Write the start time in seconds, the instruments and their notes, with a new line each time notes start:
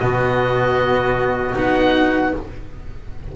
0.00 double bass B2, cello B3, trumpet F#4, oboe D#5
1.55 double bass B3, cello D#4, oboe F#5